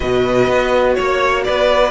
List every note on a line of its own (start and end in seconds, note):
0.00 0.48 B2
0.00 1.89 F#4
0.00 0.96 B4
0.00 0.94 D#5
0.48 0.96 B3
0.94 1.47 A#3
0.94 1.42 C#5
0.94 1.44 C#5
1.44 1.91 B3
1.44 1.91 B4
1.44 1.91 D5